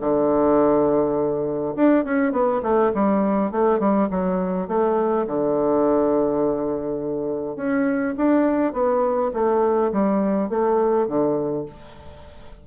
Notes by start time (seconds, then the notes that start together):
0.00 D3
1.75 D4
2.04 C#4
2.32 B3
2.62 A3
2.94 G3
3.51 A3
3.79 G3
4.10 F#3
4.67 A3
5.27 D3
7.56 C#4
8.17 D4
8.73 B3
9.33 A3
9.92 G3
10.49 A3
11.07 D3